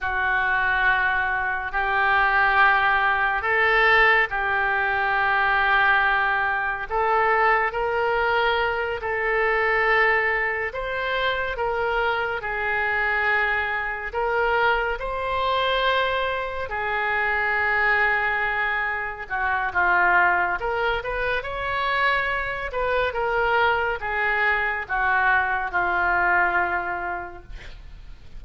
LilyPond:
\new Staff \with { instrumentName = "oboe" } { \time 4/4 \tempo 4 = 70 fis'2 g'2 | a'4 g'2. | a'4 ais'4. a'4.~ | a'8 c''4 ais'4 gis'4.~ |
gis'8 ais'4 c''2 gis'8~ | gis'2~ gis'8 fis'8 f'4 | ais'8 b'8 cis''4. b'8 ais'4 | gis'4 fis'4 f'2 | }